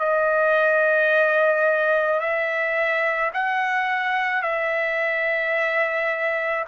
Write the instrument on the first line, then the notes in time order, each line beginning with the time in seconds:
trumpet
0.00 D#5
2.21 E5
3.34 F#5
4.43 E5